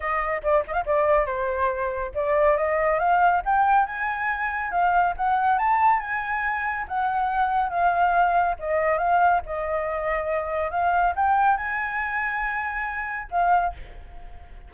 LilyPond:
\new Staff \with { instrumentName = "flute" } { \time 4/4 \tempo 4 = 140 dis''4 d''8 dis''16 f''16 d''4 c''4~ | c''4 d''4 dis''4 f''4 | g''4 gis''2 f''4 | fis''4 a''4 gis''2 |
fis''2 f''2 | dis''4 f''4 dis''2~ | dis''4 f''4 g''4 gis''4~ | gis''2. f''4 | }